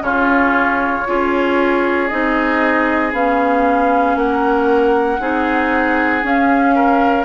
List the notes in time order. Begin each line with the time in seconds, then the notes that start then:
0.00 C#3 C#4 F4 C#5
1.06 C#4 F4 G#4
2.08 C4 D#4 D#5
3.12 B3 C#4 F5
4.16 A#3 A#4 F#5
5.20 C4 D#4 G#4
6.23 C#4 F5
6.75 A#4